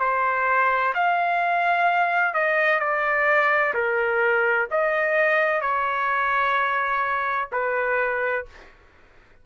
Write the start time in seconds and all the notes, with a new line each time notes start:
0.00 C5
0.95 F5
2.34 D#5
2.80 D5
3.74 A#4
4.71 D#5
5.62 C#5
7.52 B4